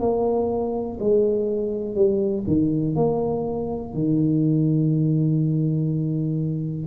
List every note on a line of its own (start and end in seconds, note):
0.00 0.98 A#3
1.00 1.95 G#3
1.95 2.45 G3
2.47 2.96 D#3
2.96 3.94 A#3
3.94 6.87 D#3